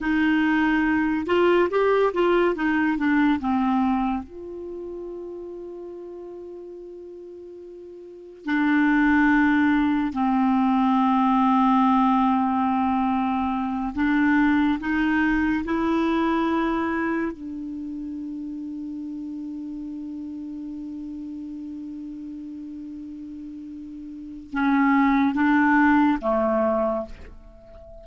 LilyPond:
\new Staff \with { instrumentName = "clarinet" } { \time 4/4 \tempo 4 = 71 dis'4. f'8 g'8 f'8 dis'8 d'8 | c'4 f'2.~ | f'2 d'2 | c'1~ |
c'8 d'4 dis'4 e'4.~ | e'8 d'2.~ d'8~ | d'1~ | d'4 cis'4 d'4 a4 | }